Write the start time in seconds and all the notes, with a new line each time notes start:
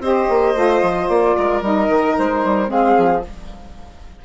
0.00 C4 G4 C5 D#5
0.29 A#3
0.54 A3 F4
0.83 F3
1.09 A#3 D5
1.37 G#3 A#4
1.62 G3 D#4 D#5
1.89 D#3
2.18 G#3 C5
2.45 G3
2.68 G#3 C4 G#4 F5
2.98 F3